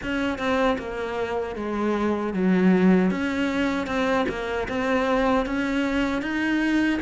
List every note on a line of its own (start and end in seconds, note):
0.02 0.38 C#4
0.38 0.77 C4
0.78 1.55 A#3
1.55 2.33 G#3
2.33 3.11 F#3
3.11 3.86 C#4
3.86 4.25 C4
4.28 4.67 A#3
4.68 5.46 C4
5.46 6.22 C#4
6.22 7.00 D#4